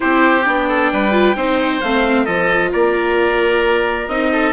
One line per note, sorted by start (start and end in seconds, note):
0.00 0.46 C4
0.00 0.42 E4
0.00 0.68 G4
0.00 0.45 C5
0.44 0.92 B3
0.44 1.11 D4
0.44 1.80 G5
0.68 0.91 A4
0.92 1.35 G3
0.92 1.36 B4
1.11 1.34 F4
1.35 1.81 C4
1.35 1.82 D#4
1.35 2.24 C5
1.80 2.26 A3
1.80 2.26 C4
1.80 2.25 F5
2.24 2.72 F3
2.24 4.08 F4
2.24 2.69 A4
2.24 2.71 D#5
2.72 4.08 A#3
2.72 4.31 A#4
2.72 4.08 D5
4.08 4.52 C4
4.08 4.52 D#4
4.08 4.52 D#5
4.31 4.52 A4